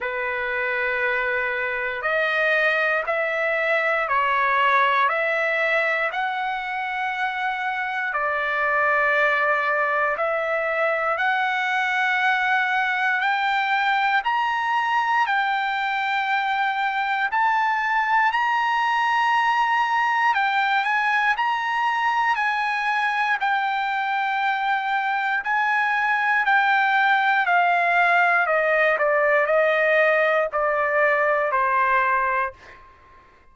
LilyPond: \new Staff \with { instrumentName = "trumpet" } { \time 4/4 \tempo 4 = 59 b'2 dis''4 e''4 | cis''4 e''4 fis''2 | d''2 e''4 fis''4~ | fis''4 g''4 ais''4 g''4~ |
g''4 a''4 ais''2 | g''8 gis''8 ais''4 gis''4 g''4~ | g''4 gis''4 g''4 f''4 | dis''8 d''8 dis''4 d''4 c''4 | }